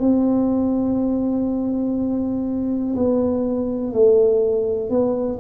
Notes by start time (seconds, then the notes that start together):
0.00 C4
2.96 B3
3.93 A3
4.90 B3